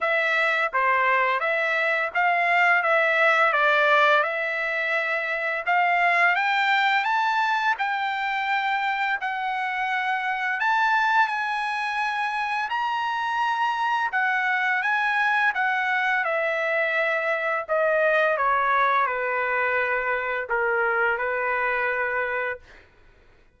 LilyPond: \new Staff \with { instrumentName = "trumpet" } { \time 4/4 \tempo 4 = 85 e''4 c''4 e''4 f''4 | e''4 d''4 e''2 | f''4 g''4 a''4 g''4~ | g''4 fis''2 a''4 |
gis''2 ais''2 | fis''4 gis''4 fis''4 e''4~ | e''4 dis''4 cis''4 b'4~ | b'4 ais'4 b'2 | }